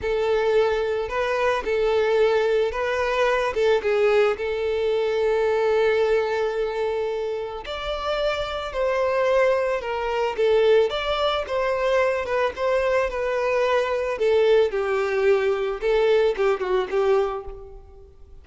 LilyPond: \new Staff \with { instrumentName = "violin" } { \time 4/4 \tempo 4 = 110 a'2 b'4 a'4~ | a'4 b'4. a'8 gis'4 | a'1~ | a'2 d''2 |
c''2 ais'4 a'4 | d''4 c''4. b'8 c''4 | b'2 a'4 g'4~ | g'4 a'4 g'8 fis'8 g'4 | }